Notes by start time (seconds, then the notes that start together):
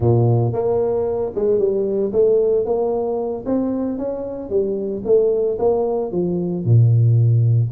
0.00 A#2
0.53 A#3
1.35 G#3
1.59 G3
2.12 A3
2.65 A#3
3.45 C4
3.98 C#4
4.49 G3
5.04 A3
5.58 A#3
6.11 F3
6.64 A#2